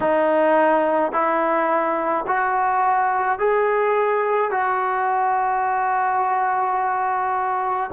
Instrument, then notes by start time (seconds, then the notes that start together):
trombone
0.00 D#4
1.12 E4
2.26 F#4
3.38 G#4
4.50 F#4